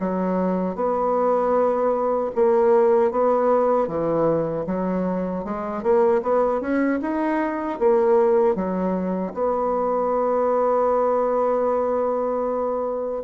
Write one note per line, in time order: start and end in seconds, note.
0.00 0.75 F#3
0.75 2.31 B3
2.36 3.12 A#3
3.12 3.88 B3
3.88 4.66 E3
4.67 5.45 F#3
5.45 5.83 G#3
5.83 6.22 A#3
6.23 6.61 B3
6.61 7.00 C#4
7.02 7.80 D#4
7.80 8.56 A#3
8.56 9.34 F#3
9.34 13.24 B3